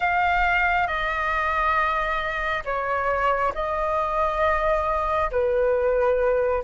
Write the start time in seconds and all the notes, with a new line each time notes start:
0.00 F5
0.87 D#5
2.64 C#5
3.54 D#5
5.31 B4